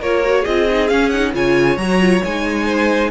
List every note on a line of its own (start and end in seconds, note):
0.00 0.45 A#3
0.00 0.24 F4
0.00 0.42 A#4
0.00 0.45 C#5
0.24 0.46 F#4
0.42 0.91 C4
0.42 0.69 F4
0.42 1.30 G#4
0.42 0.88 D#5
0.70 0.89 D#4
0.88 1.12 C#4
0.88 1.34 C#4
0.88 1.09 F5
1.09 1.34 D#4
1.09 1.31 F#5
1.34 1.77 C#3
1.34 1.78 F4
1.34 2.66 C#5
1.34 1.78 G#5
1.77 2.21 F#3
1.77 2.01 F#4
1.77 2.22 A#5
2.01 2.23 F4
2.24 3.11 G#3
2.24 3.11 D#4
2.24 3.11 G#5
2.66 3.10 C5